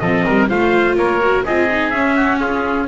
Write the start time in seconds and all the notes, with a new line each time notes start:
0.00 F3 C4 A4 D#5
0.26 G3 A#4
0.49 A3 F4 C5 F5
0.96 A#3 A#4 C#5
1.21 F#4
1.45 C4 F4 G#4 D#5
1.71 D#4
1.90 C#4 E5
2.16 F#4
2.40 F4 G#4